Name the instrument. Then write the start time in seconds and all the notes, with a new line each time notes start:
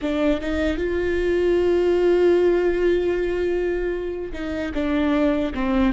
viola
0.01 D4
0.41 D#4
0.77 F4
4.32 D#4
4.74 D4
5.54 C4